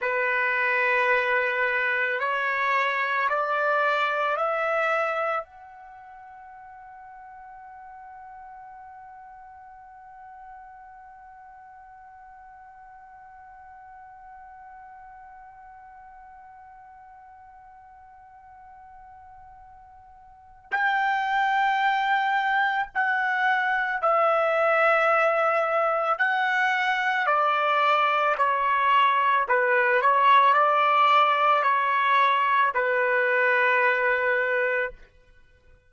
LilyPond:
\new Staff \with { instrumentName = "trumpet" } { \time 4/4 \tempo 4 = 55 b'2 cis''4 d''4 | e''4 fis''2.~ | fis''1~ | fis''1~ |
fis''2. g''4~ | g''4 fis''4 e''2 | fis''4 d''4 cis''4 b'8 cis''8 | d''4 cis''4 b'2 | }